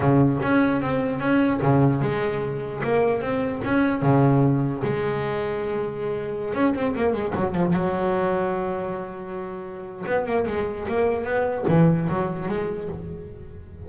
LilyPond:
\new Staff \with { instrumentName = "double bass" } { \time 4/4 \tempo 4 = 149 cis4 cis'4 c'4 cis'4 | cis4 gis2 ais4 | c'4 cis'4 cis2 | gis1~ |
gis16 cis'8 c'8 ais8 gis8 fis8 f8 fis8.~ | fis1~ | fis4 b8 ais8 gis4 ais4 | b4 e4 fis4 gis4 | }